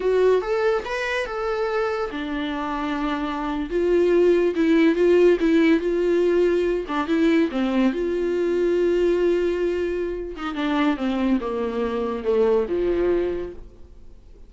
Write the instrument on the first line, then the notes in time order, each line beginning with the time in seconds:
viola
0.00 F#4
0.41 A4
0.85 B4
1.26 A4
2.11 D4
3.70 F4
4.55 E4
4.95 F4
5.40 E4
5.80 F4
6.88 D4
7.07 E4
7.51 C4
7.92 F4
10.36 D#4
10.54 D4
10.96 C4
11.40 A#3
12.24 A3
12.68 F3